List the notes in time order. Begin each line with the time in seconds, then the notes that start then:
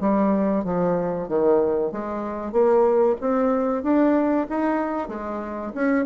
0.00 G3
0.64 F3
1.28 D#3
1.91 G#3
2.52 A#3
3.21 C4
3.83 D4
4.49 D#4
5.08 G#3
5.74 C#4